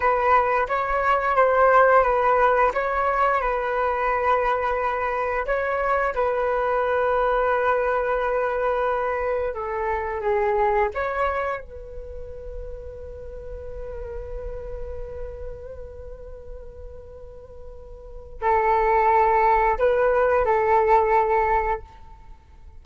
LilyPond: \new Staff \with { instrumentName = "flute" } { \time 4/4 \tempo 4 = 88 b'4 cis''4 c''4 b'4 | cis''4 b'2. | cis''4 b'2.~ | b'2 a'4 gis'4 |
cis''4 b'2.~ | b'1~ | b'2. a'4~ | a'4 b'4 a'2 | }